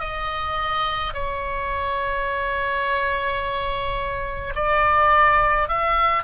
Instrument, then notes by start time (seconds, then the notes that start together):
oboe
0.00 D#5
1.14 C#5
4.55 D5
5.68 E5